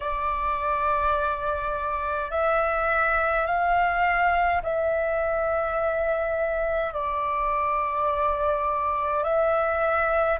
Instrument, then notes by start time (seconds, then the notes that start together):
flute
0.00 D5
2.31 E5
3.46 F5
4.62 E5
6.93 D5
9.23 E5